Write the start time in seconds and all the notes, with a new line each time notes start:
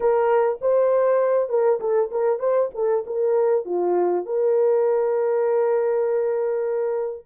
0.00 A#4
0.61 C5
1.49 A#4
1.80 A4
2.11 A#4
2.39 C5
2.74 A4
3.06 A#4
3.65 F4
4.25 A#4